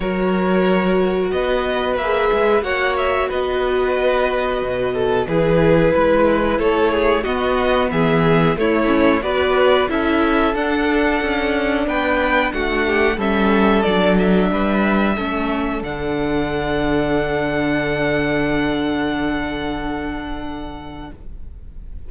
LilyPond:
<<
  \new Staff \with { instrumentName = "violin" } { \time 4/4 \tempo 4 = 91 cis''2 dis''4 e''4 | fis''8 e''8 dis''2. | b'2 cis''4 dis''4 | e''4 cis''4 d''4 e''4 |
fis''2 g''4 fis''4 | e''4 d''8 e''2~ e''8 | fis''1~ | fis''1 | }
  \new Staff \with { instrumentName = "violin" } { \time 4/4 ais'2 b'2 | cis''4 b'2~ b'8 a'8 | gis'4 b'4 a'8 gis'8 fis'4 | gis'4 e'4 b'4 a'4~ |
a'2 b'4 fis'8 g'8 | a'2 b'4 a'4~ | a'1~ | a'1 | }
  \new Staff \with { instrumentName = "viola" } { \time 4/4 fis'2. gis'4 | fis'1 | e'2. b4~ | b4 a8 cis'8 fis'4 e'4 |
d'1 | cis'4 d'2 cis'4 | d'1~ | d'1 | }
  \new Staff \with { instrumentName = "cello" } { \time 4/4 fis2 b4 ais8 gis8 | ais4 b2 b,4 | e4 gis4 a4 b4 | e4 a4 b4 cis'4 |
d'4 cis'4 b4 a4 | g4 fis4 g4 a4 | d1~ | d1 | }
>>